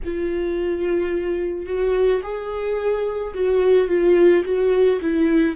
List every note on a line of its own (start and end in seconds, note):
0.05 1.66 F4
1.66 2.21 F#4
2.22 3.33 G#4
3.33 3.87 F#4
3.87 4.43 F4
4.44 4.99 F#4
5.01 5.55 E4